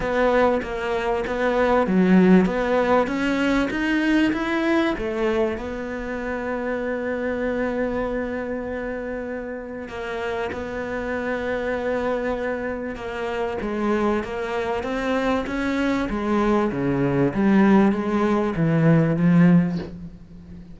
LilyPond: \new Staff \with { instrumentName = "cello" } { \time 4/4 \tempo 4 = 97 b4 ais4 b4 fis4 | b4 cis'4 dis'4 e'4 | a4 b2.~ | b1 |
ais4 b2.~ | b4 ais4 gis4 ais4 | c'4 cis'4 gis4 cis4 | g4 gis4 e4 f4 | }